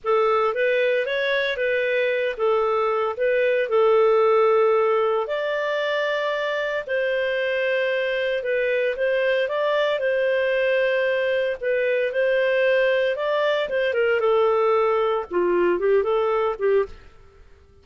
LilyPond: \new Staff \with { instrumentName = "clarinet" } { \time 4/4 \tempo 4 = 114 a'4 b'4 cis''4 b'4~ | b'8 a'4. b'4 a'4~ | a'2 d''2~ | d''4 c''2. |
b'4 c''4 d''4 c''4~ | c''2 b'4 c''4~ | c''4 d''4 c''8 ais'8 a'4~ | a'4 f'4 g'8 a'4 g'8 | }